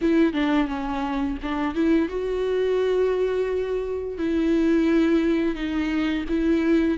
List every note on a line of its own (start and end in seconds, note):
0.01 0.33 E4
0.33 0.67 D4
0.67 1.37 C#4
1.42 1.74 D4
1.74 2.08 E4
2.08 4.18 F#4
4.18 5.55 E4
5.55 6.24 D#4
6.29 6.98 E4